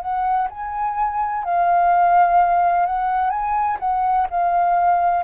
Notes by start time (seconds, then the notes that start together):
0.00 F#5
0.49 G#5
1.44 F5
2.86 F#5
3.29 G#5
3.79 F#5
4.30 F5